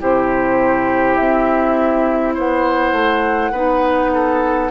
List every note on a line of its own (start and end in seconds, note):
0.00 1.19 C3
0.00 3.53 E4
0.00 2.34 G4
0.00 1.15 C5
1.15 2.37 C4
1.15 2.33 E5
2.34 2.92 B3
2.34 3.52 C5
2.34 4.71 F#5
2.92 3.51 A3
3.52 4.70 B3
3.52 4.71 D#4
3.52 4.11 B4
4.13 4.71 A4